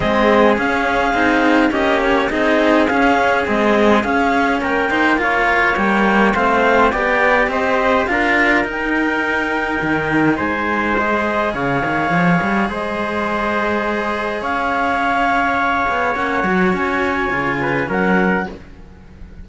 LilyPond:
<<
  \new Staff \with { instrumentName = "clarinet" } { \time 4/4 \tempo 4 = 104 dis''4 f''2 dis''8 cis''8 | dis''4 f''4 dis''4 f''4 | g''4 f''4 g''4 f''4 | g''4 dis''4 f''4 g''4~ |
g''2 gis''4 dis''4 | f''2 dis''2~ | dis''4 f''2. | fis''4 gis''2 fis''4 | }
  \new Staff \with { instrumentName = "trumpet" } { \time 4/4 gis'2. g'4 | gis'1 | ais'8 c''8 cis''2 c''4 | d''4 c''4 ais'2~ |
ais'2 c''2 | cis''2 c''2~ | c''4 cis''2.~ | cis''2~ cis''8 b'8 ais'4 | }
  \new Staff \with { instrumentName = "cello" } { \time 4/4 c'4 cis'4 dis'4 cis'4 | dis'4 cis'4 gis4 cis'4~ | cis'8 dis'8 f'4 ais4 c'4 | g'2 f'4 dis'4~ |
dis'2. gis'4~ | gis'1~ | gis'1 | cis'8 fis'4. f'4 cis'4 | }
  \new Staff \with { instrumentName = "cello" } { \time 4/4 gis4 cis'4 c'4 ais4 | c'4 cis'4 c'4 cis'4 | ais2 g4 a4 | b4 c'4 d'4 dis'4~ |
dis'4 dis4 gis2 | cis8 dis8 f8 g8 gis2~ | gis4 cis'2~ cis'8 b8 | ais8 fis8 cis'4 cis4 fis4 | }
>>